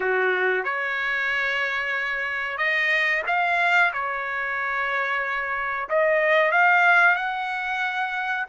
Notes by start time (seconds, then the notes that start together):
0.00 F#4
0.63 C#5
2.57 D#5
3.26 F5
3.93 C#5
5.89 D#5
6.51 F5
7.15 F#5